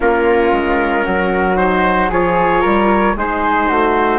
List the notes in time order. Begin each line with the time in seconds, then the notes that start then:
0.00 A#3 C#4 F4 A#4
0.52 G#3
1.04 F#3 F#4
1.57 D#4 C5
2.09 F3 F4 G#4 C#5
2.61 G3 A#4
3.15 G#3 D#4 G#4 C5
3.68 A3 F#4